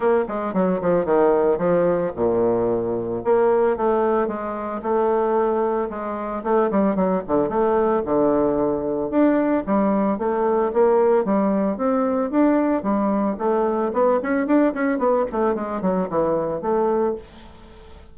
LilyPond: \new Staff \with { instrumentName = "bassoon" } { \time 4/4 \tempo 4 = 112 ais8 gis8 fis8 f8 dis4 f4 | ais,2 ais4 a4 | gis4 a2 gis4 | a8 g8 fis8 d8 a4 d4~ |
d4 d'4 g4 a4 | ais4 g4 c'4 d'4 | g4 a4 b8 cis'8 d'8 cis'8 | b8 a8 gis8 fis8 e4 a4 | }